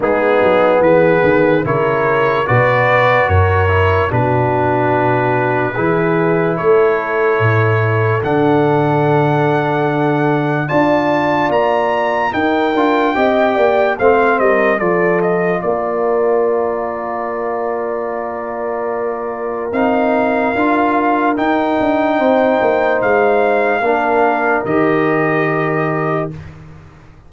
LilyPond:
<<
  \new Staff \with { instrumentName = "trumpet" } { \time 4/4 \tempo 4 = 73 gis'4 b'4 cis''4 d''4 | cis''4 b'2. | cis''2 fis''2~ | fis''4 a''4 ais''4 g''4~ |
g''4 f''8 dis''8 d''8 dis''8 d''4~ | d''1 | f''2 g''2 | f''2 dis''2 | }
  \new Staff \with { instrumentName = "horn" } { \time 4/4 dis'4 gis'4 ais'4 b'4 | ais'4 fis'2 gis'4 | a'1~ | a'4 d''2 ais'4 |
dis''8 d''8 c''8 ais'8 a'4 ais'4~ | ais'1~ | ais'2. c''4~ | c''4 ais'2. | }
  \new Staff \with { instrumentName = "trombone" } { \time 4/4 b2 e'4 fis'4~ | fis'8 e'8 d'2 e'4~ | e'2 d'2~ | d'4 f'2 dis'8 f'8 |
g'4 c'4 f'2~ | f'1 | dis'4 f'4 dis'2~ | dis'4 d'4 g'2 | }
  \new Staff \with { instrumentName = "tuba" } { \time 4/4 gis8 fis8 e8 dis8 cis4 b,4 | fis,4 b,2 e4 | a4 a,4 d2~ | d4 d'4 ais4 dis'8 d'8 |
c'8 ais8 a8 g8 f4 ais4~ | ais1 | c'4 d'4 dis'8 d'8 c'8 ais8 | gis4 ais4 dis2 | }
>>